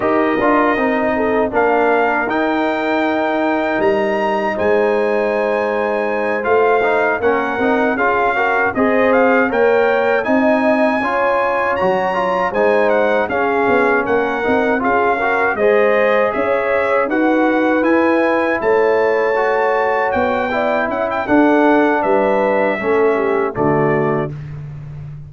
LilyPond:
<<
  \new Staff \with { instrumentName = "trumpet" } { \time 4/4 \tempo 4 = 79 dis''2 f''4 g''4~ | g''4 ais''4 gis''2~ | gis''8 f''4 fis''4 f''4 dis''8 | f''8 g''4 gis''2 ais''8~ |
ais''8 gis''8 fis''8 f''4 fis''4 f''8~ | f''8 dis''4 e''4 fis''4 gis''8~ | gis''8 a''2 g''4 fis''16 g''16 | fis''4 e''2 d''4 | }
  \new Staff \with { instrumentName = "horn" } { \time 4/4 ais'4. a'8 ais'2~ | ais'2 c''2~ | c''4. ais'4 gis'8 ais'8 c''8~ | c''8 cis''4 dis''4 cis''4.~ |
cis''8 c''4 gis'4 ais'4 gis'8 | ais'8 c''4 cis''4 b'4.~ | b'8 cis''2~ cis''8 d''8 e''8 | a'4 b'4 a'8 g'8 fis'4 | }
  \new Staff \with { instrumentName = "trombone" } { \time 4/4 g'8 f'8 dis'4 d'4 dis'4~ | dis'1~ | dis'8 f'8 dis'8 cis'8 dis'8 f'8 fis'8 gis'8~ | gis'8 ais'4 dis'4 f'4 fis'8 |
f'8 dis'4 cis'4. dis'8 f'8 | fis'8 gis'2 fis'4 e'8~ | e'4. fis'4. e'4 | d'2 cis'4 a4 | }
  \new Staff \with { instrumentName = "tuba" } { \time 4/4 dis'8 d'8 c'4 ais4 dis'4~ | dis'4 g4 gis2~ | gis8 a4 ais8 c'8 cis'4 c'8~ | c'8 ais4 c'4 cis'4 fis8~ |
fis8 gis4 cis'8 b8 ais8 c'8 cis'8~ | cis'8 gis4 cis'4 dis'4 e'8~ | e'8 a2 b4 cis'8 | d'4 g4 a4 d4 | }
>>